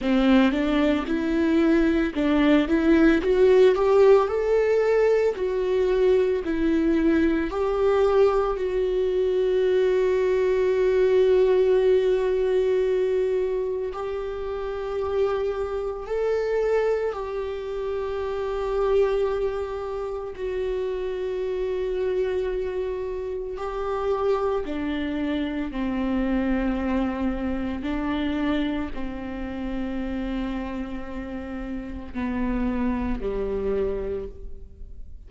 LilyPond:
\new Staff \with { instrumentName = "viola" } { \time 4/4 \tempo 4 = 56 c'8 d'8 e'4 d'8 e'8 fis'8 g'8 | a'4 fis'4 e'4 g'4 | fis'1~ | fis'4 g'2 a'4 |
g'2. fis'4~ | fis'2 g'4 d'4 | c'2 d'4 c'4~ | c'2 b4 g4 | }